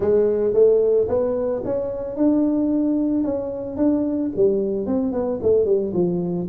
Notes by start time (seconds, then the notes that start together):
0.00 G#3
0.53 A3
1.08 B3
1.64 C#4
2.16 D4
3.24 C#4
3.77 D4
4.36 G3
4.86 C4
5.12 B3
5.42 A3
5.65 G3
5.93 F3